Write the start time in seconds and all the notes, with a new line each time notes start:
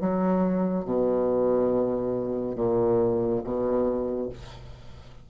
0.00 F#3
0.85 B2
2.56 A#2
3.44 B2